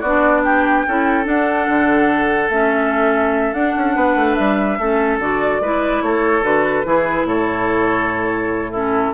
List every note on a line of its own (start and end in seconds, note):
0.00 0.84 B3
0.00 0.88 D4
0.00 0.41 F#4
0.00 0.42 D5
0.44 0.86 G4
0.44 1.26 G5
0.87 1.26 C#4
0.87 1.24 E4
0.87 3.95 A4
1.24 2.48 D4
1.24 1.67 D4
1.24 2.50 F#5
1.68 2.49 D3
2.49 3.52 A3
2.49 3.55 C#4
2.49 3.53 E5
3.53 3.73 D4
3.53 4.79 D4
3.53 4.34 F#5
3.76 3.95 C#4
3.95 4.15 B3
3.95 4.78 B4
4.15 4.36 A3
4.34 4.78 G3
4.34 5.17 E5
4.78 5.18 A3
4.78 5.20 C#4
4.78 5.61 A4
5.18 5.60 D3
5.18 5.62 F#4
5.18 6.02 D5
5.60 6.01 G#3
5.60 6.42 E4
5.60 6.03 B4
6.02 6.42 A3
6.02 6.86 A4
6.02 6.43 C#5
6.42 6.84 D3
6.42 6.84 F#4
6.42 7.26 B4
6.84 7.24 E3
6.84 8.71 E4
6.84 7.27 G#4
7.24 9.10 A2
7.24 8.71 A4
7.24 8.72 C#5
8.71 9.13 C#4
8.71 9.12 E4
8.71 9.13 A4